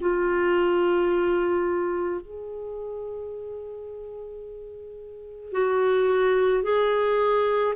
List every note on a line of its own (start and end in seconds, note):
0.00 2.21 F4
2.21 5.52 G#4
5.52 6.63 F#4
6.63 7.74 G#4